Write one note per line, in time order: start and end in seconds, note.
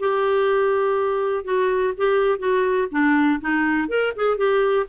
0.00 1.45 G4
1.45 1.94 F#4
1.98 2.39 G4
2.39 2.89 F#4
2.92 3.41 D4
3.41 3.89 D#4
3.89 4.14 A#4
4.16 4.38 G#4
4.38 4.87 G4